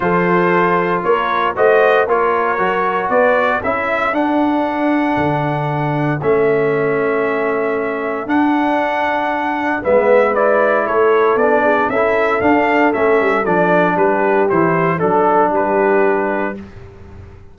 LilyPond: <<
  \new Staff \with { instrumentName = "trumpet" } { \time 4/4 \tempo 4 = 116 c''2 cis''4 dis''4 | cis''2 d''4 e''4 | fis''1 | e''1 |
fis''2. e''4 | d''4 cis''4 d''4 e''4 | f''4 e''4 d''4 b'4 | c''4 a'4 b'2 | }
  \new Staff \with { instrumentName = "horn" } { \time 4/4 a'2 ais'4 c''4 | ais'2 b'4 a'4~ | a'1~ | a'1~ |
a'2. b'4~ | b'4 a'4. gis'8 a'4~ | a'2. g'4~ | g'4 a'4 g'2 | }
  \new Staff \with { instrumentName = "trombone" } { \time 4/4 f'2. fis'4 | f'4 fis'2 e'4 | d'1 | cis'1 |
d'2. b4 | e'2 d'4 e'4 | d'4 cis'4 d'2 | e'4 d'2. | }
  \new Staff \with { instrumentName = "tuba" } { \time 4/4 f2 ais4 a4 | ais4 fis4 b4 cis'4 | d'2 d2 | a1 |
d'2. gis4~ | gis4 a4 b4 cis'4 | d'4 a8 g8 f4 g4 | e4 fis4 g2 | }
>>